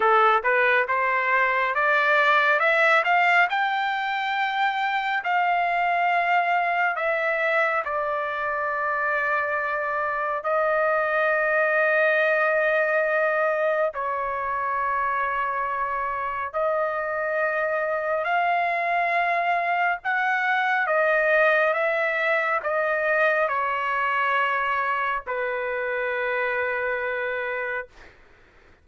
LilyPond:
\new Staff \with { instrumentName = "trumpet" } { \time 4/4 \tempo 4 = 69 a'8 b'8 c''4 d''4 e''8 f''8 | g''2 f''2 | e''4 d''2. | dis''1 |
cis''2. dis''4~ | dis''4 f''2 fis''4 | dis''4 e''4 dis''4 cis''4~ | cis''4 b'2. | }